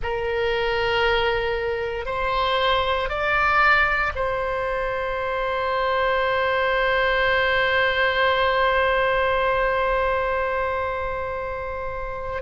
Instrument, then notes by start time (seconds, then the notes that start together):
oboe
0.03 A#4
2.05 C5
3.08 D5
4.15 C5